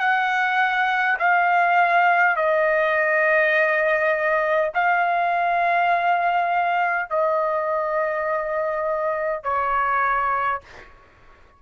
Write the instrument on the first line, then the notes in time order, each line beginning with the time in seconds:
trumpet
0.00 F#5
1.19 F5
2.36 D#5
4.74 F5
7.10 D#5
9.43 C#5